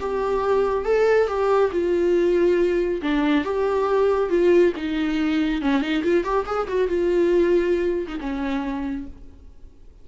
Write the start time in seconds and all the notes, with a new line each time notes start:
0.00 G4
0.85 A4
1.28 G4
1.72 F4
3.02 D4
3.44 G4
4.29 F4
4.76 D#4
5.62 C#4
5.81 D#4
6.04 F4
6.24 G4
6.46 G#4
6.68 F#4
6.88 F4
8.08 D#4
8.21 C#4